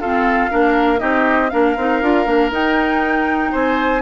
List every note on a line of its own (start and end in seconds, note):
0.00 0.50 C4
0.00 0.51 F4
0.00 0.51 A4
0.00 0.99 F5
0.50 1.02 A#3
0.50 0.98 D4
0.50 1.00 A#4
0.98 1.52 C4
0.98 1.49 D#4
0.98 1.51 G4
0.98 1.50 D#5
1.50 1.77 A#3
1.50 1.76 D4
1.50 3.52 A#4
1.50 2.51 F5
1.77 2.02 C4
1.77 2.03 D#4
2.02 2.26 D4
2.02 2.26 F4
2.26 2.51 A#3
2.26 2.51 D4
2.51 3.51 D#4
2.51 4.02 D#4
2.51 3.54 G5
3.52 4.02 C4
3.52 4.02 C5
3.52 4.02 G#5